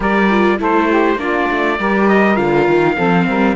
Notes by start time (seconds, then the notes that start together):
0.00 G3 G4 A#4 D5
0.30 F4
0.58 A3 E4 A4 C5
0.89 G4
1.15 A#3 D4 F4 D5
1.51 A3
1.79 G3 G4 A#4
2.07 D#5
2.35 D3 F4 F5
2.67 D#3
2.96 F3 C4 A4
3.27 G3 A#4